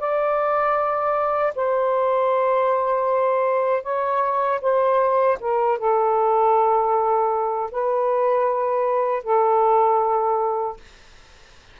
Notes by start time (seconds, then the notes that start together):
0.00 D5
1.56 C5
3.84 C#5
4.62 C5
5.41 A#4
5.79 A4
7.72 B4
9.23 A4